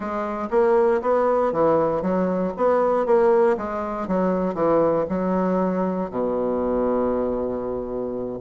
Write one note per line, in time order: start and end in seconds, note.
0.00 0.48 G#3
0.50 1.01 A#3
1.01 1.52 B3
1.52 2.02 E3
2.02 2.53 F#3
2.56 3.06 B3
3.06 3.57 A#3
3.57 4.07 G#3
4.07 4.54 F#3
4.54 5.05 E3
5.09 6.10 F#3
6.10 8.39 B2